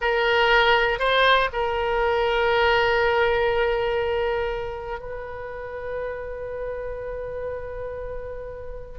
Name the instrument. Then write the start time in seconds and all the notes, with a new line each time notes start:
oboe
0.01 A#4
0.99 C5
1.52 A#4
4.99 B4